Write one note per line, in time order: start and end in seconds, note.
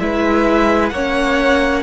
0.00 0.92 G#3
0.00 0.94 E4
0.00 0.93 B4
0.00 0.89 E5
0.89 1.83 A#3
0.89 1.83 C#5
0.89 1.83 F#5
0.95 1.83 C#4